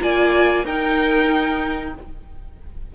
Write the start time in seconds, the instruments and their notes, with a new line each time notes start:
0.00 cello A#3, viola F4, violin D5 G#5
0.64 cello D#4, viola D#4, violin A#4 G5